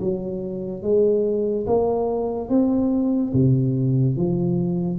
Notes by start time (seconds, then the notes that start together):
0.00 F#3
0.83 G#3
1.67 A#3
2.49 C4
3.33 C3
4.17 F3